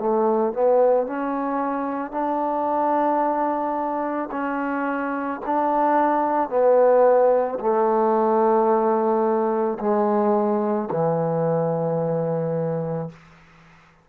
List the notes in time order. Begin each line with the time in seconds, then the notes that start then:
0.00 A3
0.53 B3
1.07 C#4
2.12 D4
4.32 C#4
5.46 D4
6.50 B3
7.60 A3
9.80 G#3
10.91 E3